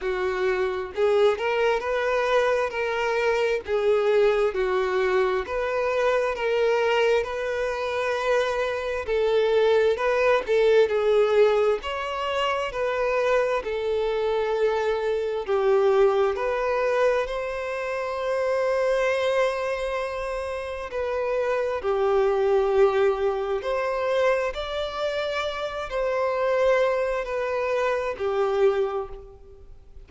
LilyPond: \new Staff \with { instrumentName = "violin" } { \time 4/4 \tempo 4 = 66 fis'4 gis'8 ais'8 b'4 ais'4 | gis'4 fis'4 b'4 ais'4 | b'2 a'4 b'8 a'8 | gis'4 cis''4 b'4 a'4~ |
a'4 g'4 b'4 c''4~ | c''2. b'4 | g'2 c''4 d''4~ | d''8 c''4. b'4 g'4 | }